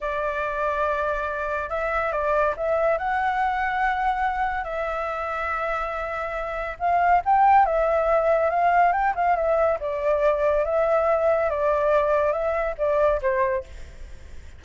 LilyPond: \new Staff \with { instrumentName = "flute" } { \time 4/4 \tempo 4 = 141 d''1 | e''4 d''4 e''4 fis''4~ | fis''2. e''4~ | e''1 |
f''4 g''4 e''2 | f''4 g''8 f''8 e''4 d''4~ | d''4 e''2 d''4~ | d''4 e''4 d''4 c''4 | }